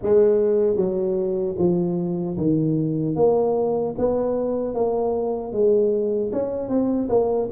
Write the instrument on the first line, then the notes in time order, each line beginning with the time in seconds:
tuba
0.02 G#3
0.76 F#3
1.58 F3
2.37 D#3
3.15 A#3
3.98 B3
4.74 A#3
5.52 G#3
6.32 C#4
6.69 C4
7.09 A#3